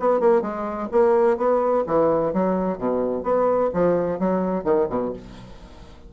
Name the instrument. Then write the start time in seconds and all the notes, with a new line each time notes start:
bassoon
0.00 B3
0.20 A#3
0.42 G#3
0.92 A#3
1.37 B3
1.87 E3
2.34 F#3
2.78 B2
3.24 B3
3.74 F3
4.19 F#3
4.64 D#3
4.90 B2